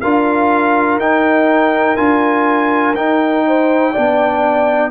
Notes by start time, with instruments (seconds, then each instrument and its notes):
0.00 tuba D4, trombone F4, horn A#4, trumpet F5
0.96 tuba D#4, trombone D#4, trumpet G5
1.96 tuba D4, trombone F4, trumpet G#5
2.95 tuba D#4, trombone D#4, trumpet G5
3.47 horn C5
3.92 tuba B3, trombone D4, horn D5